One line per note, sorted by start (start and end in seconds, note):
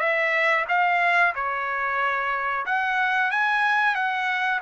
0.00 0.65 E5
0.68 1.34 F5
1.35 2.66 C#5
2.66 3.31 F#5
3.31 3.95 G#5
3.95 4.60 F#5